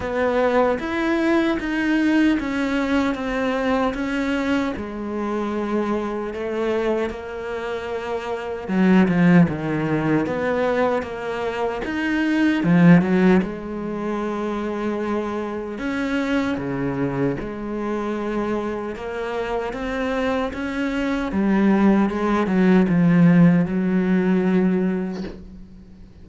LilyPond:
\new Staff \with { instrumentName = "cello" } { \time 4/4 \tempo 4 = 76 b4 e'4 dis'4 cis'4 | c'4 cis'4 gis2 | a4 ais2 fis8 f8 | dis4 b4 ais4 dis'4 |
f8 fis8 gis2. | cis'4 cis4 gis2 | ais4 c'4 cis'4 g4 | gis8 fis8 f4 fis2 | }